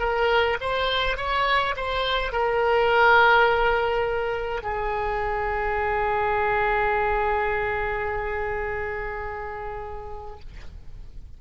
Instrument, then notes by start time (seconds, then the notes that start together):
oboe
0.00 A#4
0.61 C5
1.17 C#5
1.77 C5
2.32 A#4
4.63 G#4